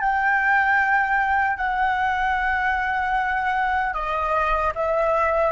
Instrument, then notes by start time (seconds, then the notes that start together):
flute
0.00 G5
1.56 F#5
3.94 D#5
4.75 E5